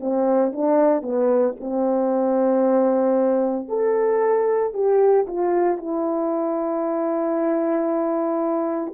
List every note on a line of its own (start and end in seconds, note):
0.00 0.53 C4
0.53 1.02 D4
1.02 1.55 B3
1.60 3.68 C4
3.68 4.74 A4
4.74 5.26 G4
5.27 5.78 F4
5.78 8.93 E4